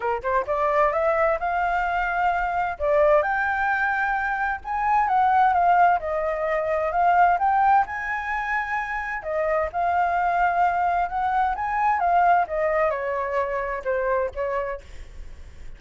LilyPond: \new Staff \with { instrumentName = "flute" } { \time 4/4 \tempo 4 = 130 ais'8 c''8 d''4 e''4 f''4~ | f''2 d''4 g''4~ | g''2 gis''4 fis''4 | f''4 dis''2 f''4 |
g''4 gis''2. | dis''4 f''2. | fis''4 gis''4 f''4 dis''4 | cis''2 c''4 cis''4 | }